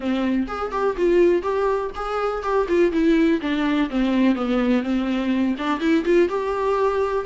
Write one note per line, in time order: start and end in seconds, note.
0.00 0.46 C4
0.47 0.71 G#4
0.71 0.95 G4
0.96 1.42 F4
1.42 1.90 G4
1.95 2.42 G#4
2.42 2.67 G4
2.68 2.92 F4
2.92 3.40 E4
3.41 3.89 D4
3.90 4.35 C4
4.35 4.82 B3
4.82 5.55 C4
5.58 5.80 D4
5.80 6.04 E4
6.04 6.28 F4
6.28 7.25 G4